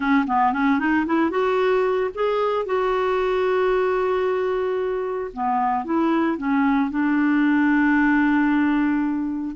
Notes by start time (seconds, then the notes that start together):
0.00 C#4
0.26 B3
0.52 C#4
0.79 D#4
1.06 E4
1.30 F#4
2.14 G#4
2.65 F#4
5.33 B3
5.84 E4
6.37 C#4
6.90 D4